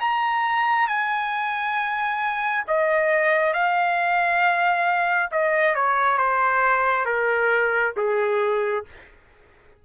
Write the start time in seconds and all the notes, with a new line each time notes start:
0.00 A#5
0.88 G#5
2.67 D#5
3.53 F5
5.31 D#5
5.75 C#5
6.18 C5
7.05 A#4
7.97 G#4